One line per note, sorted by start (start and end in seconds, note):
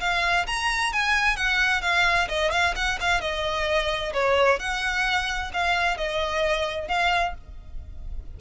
0.00 0.46 F5
0.47 0.93 A#5
0.93 1.37 G#5
1.37 1.82 F#5
1.82 2.28 F5
2.28 2.52 D#5
2.52 2.75 F5
2.76 2.99 F#5
3.00 3.21 F5
3.21 4.13 D#5
4.13 4.59 C#5
4.59 5.52 F#5
5.53 5.97 F5
5.97 6.88 D#5
6.88 7.34 F5